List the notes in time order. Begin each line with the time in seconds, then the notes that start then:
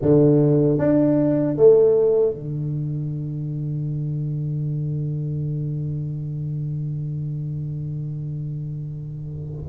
0.01 D3
0.78 D4
1.56 A3
2.34 D3